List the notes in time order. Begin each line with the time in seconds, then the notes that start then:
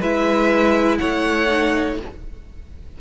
0.00 G#3 E4 B4 E5
0.98 A3 C#5 F#5
1.48 D#4